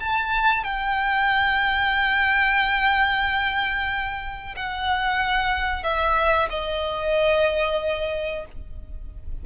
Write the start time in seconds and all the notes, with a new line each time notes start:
0.00 A5
0.64 G5
4.56 F#5
5.84 E5
6.50 D#5